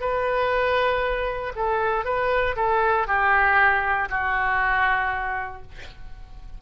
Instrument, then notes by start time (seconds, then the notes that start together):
oboe
0.00 B4
1.55 A4
2.04 B4
2.56 A4
3.06 G4
4.09 F#4